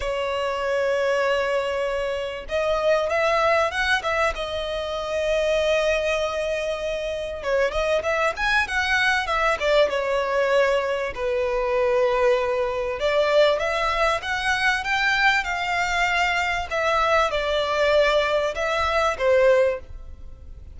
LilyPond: \new Staff \with { instrumentName = "violin" } { \time 4/4 \tempo 4 = 97 cis''1 | dis''4 e''4 fis''8 e''8 dis''4~ | dis''1 | cis''8 dis''8 e''8 gis''8 fis''4 e''8 d''8 |
cis''2 b'2~ | b'4 d''4 e''4 fis''4 | g''4 f''2 e''4 | d''2 e''4 c''4 | }